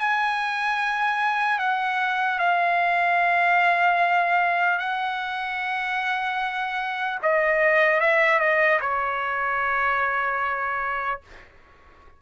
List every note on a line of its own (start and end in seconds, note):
0.00 1.59 G#5
1.59 2.39 F#5
2.39 4.79 F5
4.79 7.19 F#5
7.23 8.00 D#5
8.00 8.40 E5
8.40 8.80 D#5
8.81 11.21 C#5